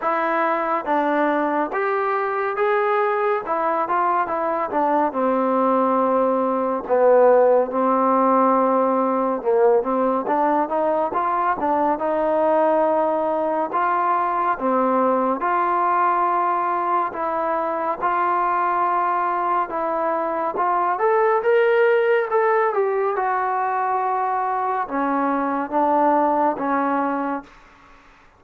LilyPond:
\new Staff \with { instrumentName = "trombone" } { \time 4/4 \tempo 4 = 70 e'4 d'4 g'4 gis'4 | e'8 f'8 e'8 d'8 c'2 | b4 c'2 ais8 c'8 | d'8 dis'8 f'8 d'8 dis'2 |
f'4 c'4 f'2 | e'4 f'2 e'4 | f'8 a'8 ais'4 a'8 g'8 fis'4~ | fis'4 cis'4 d'4 cis'4 | }